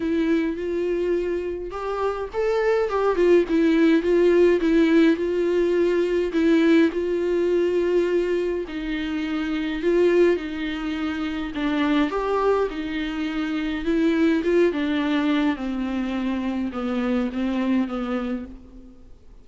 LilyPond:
\new Staff \with { instrumentName = "viola" } { \time 4/4 \tempo 4 = 104 e'4 f'2 g'4 | a'4 g'8 f'8 e'4 f'4 | e'4 f'2 e'4 | f'2. dis'4~ |
dis'4 f'4 dis'2 | d'4 g'4 dis'2 | e'4 f'8 d'4. c'4~ | c'4 b4 c'4 b4 | }